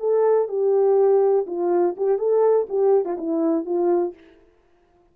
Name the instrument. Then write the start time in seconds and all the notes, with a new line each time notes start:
horn
0.00 A4
0.49 G4
1.47 F4
1.97 G4
2.19 A4
2.69 G4
3.05 F4
3.18 E4
3.66 F4